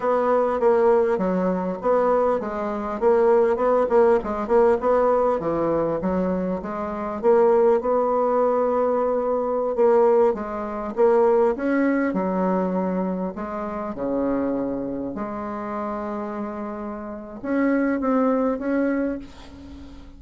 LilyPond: \new Staff \with { instrumentName = "bassoon" } { \time 4/4 \tempo 4 = 100 b4 ais4 fis4 b4 | gis4 ais4 b8 ais8 gis8 ais8 | b4 e4 fis4 gis4 | ais4 b2.~ |
b16 ais4 gis4 ais4 cis'8.~ | cis'16 fis2 gis4 cis8.~ | cis4~ cis16 gis2~ gis8.~ | gis4 cis'4 c'4 cis'4 | }